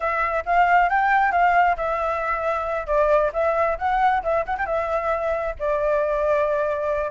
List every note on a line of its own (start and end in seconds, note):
0.00 0.43 E5
0.45 0.89 F5
0.89 1.32 G5
1.32 1.76 F5
1.76 2.86 E5
2.86 3.31 D5
3.33 3.77 E5
3.78 4.22 F#5
4.23 4.45 E5
4.45 4.57 F#5
4.58 4.66 G5
4.66 5.55 E5
5.59 7.10 D5